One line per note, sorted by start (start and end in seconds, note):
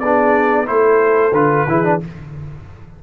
0.00 0.69 B3
0.00 0.66 D4
0.00 0.68 G#4
0.00 0.67 D5
0.66 1.33 A3
0.66 1.33 E4
0.66 1.69 A4
0.66 1.34 C5
1.33 1.66 D3
1.33 1.68 F4
1.33 2.01 B4
1.68 2.02 E3
1.68 1.84 E4
1.68 2.03 G#4
1.84 2.00 D4